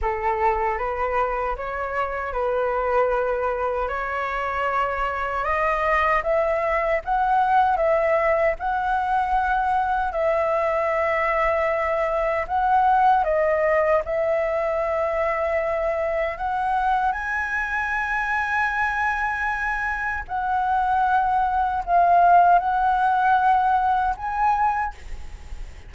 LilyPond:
\new Staff \with { instrumentName = "flute" } { \time 4/4 \tempo 4 = 77 a'4 b'4 cis''4 b'4~ | b'4 cis''2 dis''4 | e''4 fis''4 e''4 fis''4~ | fis''4 e''2. |
fis''4 dis''4 e''2~ | e''4 fis''4 gis''2~ | gis''2 fis''2 | f''4 fis''2 gis''4 | }